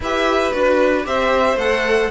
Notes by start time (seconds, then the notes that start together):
0.00 E4 G4 B4 E5
0.52 D4 F#4 B4
1.03 C4 G4 C5 E5
1.55 A3 A4 F#5